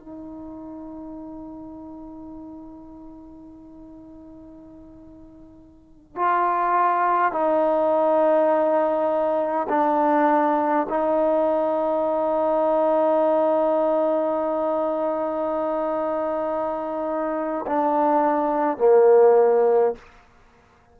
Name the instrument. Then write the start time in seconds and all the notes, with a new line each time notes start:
trombone
0.00 D#4
6.16 F4
7.32 D#4
9.70 D4
10.89 D#4
17.67 D4
18.78 A#3